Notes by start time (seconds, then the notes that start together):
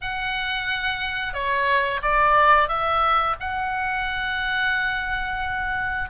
0.01 F#5
1.33 C#5
2.02 D5
2.68 E5
3.40 F#5